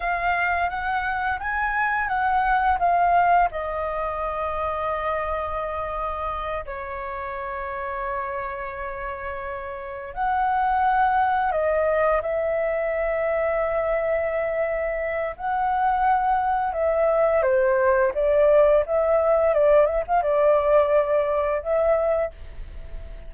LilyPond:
\new Staff \with { instrumentName = "flute" } { \time 4/4 \tempo 4 = 86 f''4 fis''4 gis''4 fis''4 | f''4 dis''2.~ | dis''4. cis''2~ cis''8~ | cis''2~ cis''8 fis''4.~ |
fis''8 dis''4 e''2~ e''8~ | e''2 fis''2 | e''4 c''4 d''4 e''4 | d''8 e''16 f''16 d''2 e''4 | }